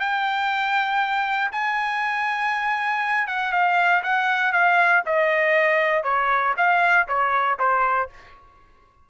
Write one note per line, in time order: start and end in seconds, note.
0.00 1.51 G5
1.52 3.28 G#5
3.28 3.52 F#5
3.52 4.03 F5
4.03 4.53 F#5
4.53 5.03 F5
5.06 6.04 D#5
6.04 6.54 C#5
6.57 7.07 F5
7.08 7.58 C#5
7.59 8.09 C5